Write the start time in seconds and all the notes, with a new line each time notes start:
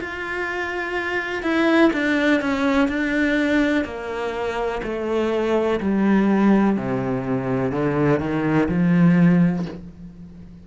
0.00 F4
1.43 E4
1.93 D4
2.41 C#4
2.88 D4
3.84 A#3
4.83 A3
5.80 G3
6.77 C3
7.71 D3
8.20 D#3
8.69 F3